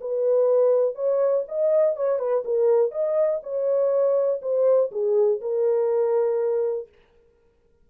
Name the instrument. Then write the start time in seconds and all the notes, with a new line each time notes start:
horn
0.00 B4
0.94 C#5
1.48 D#5
1.96 C#5
2.18 B4
2.44 A#4
2.91 D#5
3.42 C#5
4.42 C5
4.91 G#4
5.41 A#4